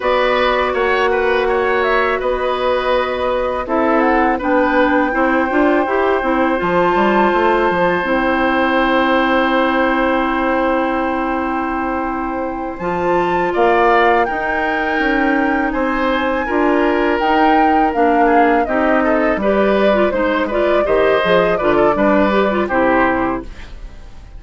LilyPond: <<
  \new Staff \with { instrumentName = "flute" } { \time 4/4 \tempo 4 = 82 d''4 fis''4. e''8 dis''4~ | dis''4 e''8 fis''8 g''2~ | g''4 a''2 g''4~ | g''1~ |
g''4. a''4 f''4 g''8~ | g''4. gis''2 g''8~ | g''8 f''4 dis''4 d''4 c''8 | d''8 dis''4 d''4. c''4 | }
  \new Staff \with { instrumentName = "oboe" } { \time 4/4 b'4 cis''8 b'8 cis''4 b'4~ | b'4 a'4 b'4 c''4~ | c''1~ | c''1~ |
c''2~ c''8 d''4 ais'8~ | ais'4. c''4 ais'4.~ | ais'4 gis'8 g'8 a'8 b'4 c''8 | b'8 c''4 b'16 a'16 b'4 g'4 | }
  \new Staff \with { instrumentName = "clarinet" } { \time 4/4 fis'1~ | fis'4 e'4 d'4 e'8 f'8 | g'8 e'8 f'2 e'4~ | e'1~ |
e'4. f'2 dis'8~ | dis'2~ dis'8 f'4 dis'8~ | dis'8 d'4 dis'4 g'8. f'16 dis'8 | f'8 g'8 gis'8 f'8 d'8 g'16 f'16 e'4 | }
  \new Staff \with { instrumentName = "bassoon" } { \time 4/4 b4 ais2 b4~ | b4 c'4 b4 c'8 d'8 | e'8 c'8 f8 g8 a8 f8 c'4~ | c'1~ |
c'4. f4 ais4 dis'8~ | dis'8 cis'4 c'4 d'4 dis'8~ | dis'8 ais4 c'4 g4 gis8~ | gis8 dis8 f8 d8 g4 c4 | }
>>